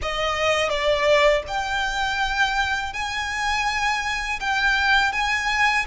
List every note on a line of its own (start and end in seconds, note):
0.02 0.69 D#5
0.69 1.42 D5
1.47 2.93 G5
2.93 4.39 G#5
4.40 5.12 G5
5.12 5.85 G#5